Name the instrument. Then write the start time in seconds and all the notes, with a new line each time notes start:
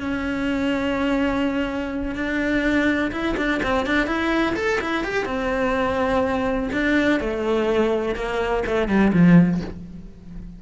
cello
0.00 C#4
2.15 D4
3.12 E4
3.37 D4
3.63 C4
3.86 D4
4.06 E4
4.55 A4
4.81 E4
5.04 G4
5.25 C4
6.72 D4
7.20 A3
8.15 A#3
8.66 A3
8.88 G3
9.13 F3